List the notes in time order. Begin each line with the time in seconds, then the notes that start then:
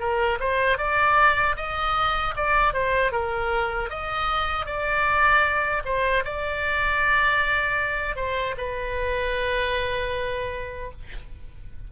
0.00 A#4
0.40 C5
0.78 D5
1.56 D#5
2.36 D5
2.73 C5
3.12 A#4
3.90 D#5
4.66 D5
5.85 C5
6.24 D5
8.16 C5
8.57 B4